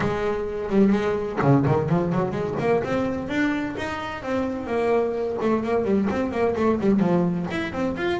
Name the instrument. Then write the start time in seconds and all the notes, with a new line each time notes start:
double bass
0.00 G#3
0.69 G3
0.92 G#3
1.42 C#3
1.66 D#3
1.89 F3
2.12 F#3
2.31 G#3
2.59 A#3
2.83 C4
3.28 D4
3.77 D#4
4.22 C4
4.66 A#3
5.41 A3
5.63 A#3
5.84 G3
6.10 C4
6.31 A#3
6.56 A3
6.80 G3
6.99 F3
7.50 E4
7.72 C4
7.96 F4